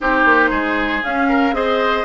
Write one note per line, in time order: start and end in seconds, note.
0.00 0.24 C4
0.00 1.03 D#4
0.00 0.50 G4
0.00 1.03 C5
0.24 0.50 A#3
0.50 1.02 G#3
0.50 1.27 G#4
1.03 1.52 C#4
1.03 1.53 C#4
1.03 1.54 F5
1.29 1.54 A#4
1.52 2.03 C4
1.52 2.04 G#4
1.52 2.05 C5
1.52 2.05 D#5